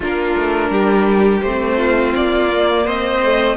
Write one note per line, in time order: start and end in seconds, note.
0.00 0.35 A#3
0.00 1.44 D4
0.00 0.70 F4
0.00 1.42 A#4
0.36 0.70 A3
0.70 1.41 G3
0.70 1.77 G4
1.42 2.13 A3
1.42 2.50 C4
1.42 2.13 C5
1.77 2.84 F4
2.15 2.86 A#3
2.15 2.86 D5
2.50 3.21 A#3
2.84 3.56 C4
2.84 3.55 C5
2.84 3.56 D#5
3.23 3.56 A3